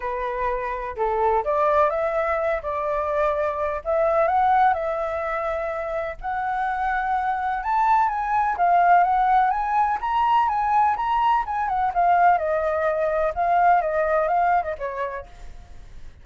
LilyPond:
\new Staff \with { instrumentName = "flute" } { \time 4/4 \tempo 4 = 126 b'2 a'4 d''4 | e''4. d''2~ d''8 | e''4 fis''4 e''2~ | e''4 fis''2. |
a''4 gis''4 f''4 fis''4 | gis''4 ais''4 gis''4 ais''4 | gis''8 fis''8 f''4 dis''2 | f''4 dis''4 f''8. dis''16 cis''4 | }